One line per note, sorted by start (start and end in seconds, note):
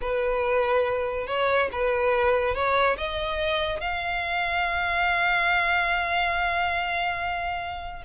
0.01 1.26 B4
1.26 1.69 C#5
1.72 2.54 B4
2.54 2.97 C#5
2.97 3.80 D#5
3.80 8.02 F5